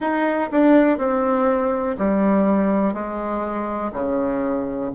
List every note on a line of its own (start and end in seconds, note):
0.00 0.49 D#4
0.51 0.98 D4
0.98 1.96 C4
1.98 2.93 G3
2.93 3.91 G#3
3.92 4.90 C#3